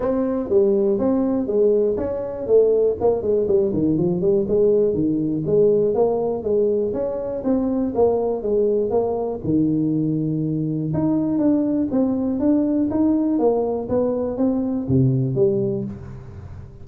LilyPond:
\new Staff \with { instrumentName = "tuba" } { \time 4/4 \tempo 4 = 121 c'4 g4 c'4 gis4 | cis'4 a4 ais8 gis8 g8 dis8 | f8 g8 gis4 dis4 gis4 | ais4 gis4 cis'4 c'4 |
ais4 gis4 ais4 dis4~ | dis2 dis'4 d'4 | c'4 d'4 dis'4 ais4 | b4 c'4 c4 g4 | }